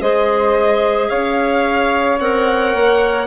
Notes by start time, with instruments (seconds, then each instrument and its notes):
0.00 bassoon G#3, clarinet G#4, saxophone C5, violin D#5
1.09 bassoon C#4, saxophone C#5, violin F5
2.20 bassoon C4, clarinet A#4, violin F#5
2.75 bassoon A#3